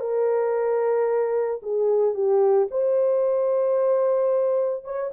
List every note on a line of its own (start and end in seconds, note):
0.00 1.61 A#4
1.62 2.14 G#4
2.14 2.68 G4
2.71 4.84 C5
4.84 5.11 C#5